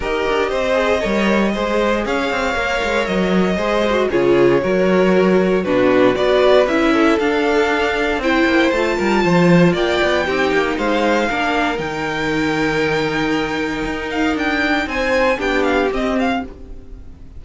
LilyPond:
<<
  \new Staff \with { instrumentName = "violin" } { \time 4/4 \tempo 4 = 117 dis''1 | f''2 dis''2 | cis''2. b'4 | d''4 e''4 f''2 |
g''4 a''2 g''4~ | g''4 f''2 g''4~ | g''2.~ g''8 f''8 | g''4 gis''4 g''8 f''8 dis''8 f''8 | }
  \new Staff \with { instrumentName = "violin" } { \time 4/4 ais'4 c''4 cis''4 c''4 | cis''2. c''4 | gis'4 ais'2 fis'4 | b'4. a'2~ a'8 |
c''4. ais'8 c''4 d''4 | g'4 c''4 ais'2~ | ais'1~ | ais'4 c''4 g'2 | }
  \new Staff \with { instrumentName = "viola" } { \time 4/4 g'4. gis'8 ais'4 gis'4~ | gis'4 ais'2 gis'8 fis'8 | f'4 fis'2 d'4 | fis'4 e'4 d'2 |
e'4 f'2. | dis'2 d'4 dis'4~ | dis'1~ | dis'2 d'4 c'4 | }
  \new Staff \with { instrumentName = "cello" } { \time 4/4 dis'8 d'8 c'4 g4 gis4 | cis'8 c'8 ais8 gis8 fis4 gis4 | cis4 fis2 b,4 | b4 cis'4 d'2 |
c'8 ais8 a8 g8 f4 ais8 b8 | c'8 ais8 gis4 ais4 dis4~ | dis2. dis'4 | d'4 c'4 b4 c'4 | }
>>